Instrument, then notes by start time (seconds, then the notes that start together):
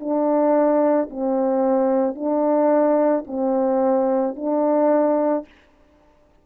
horn
0.00 D4
1.11 C4
2.15 D4
3.27 C4
4.36 D4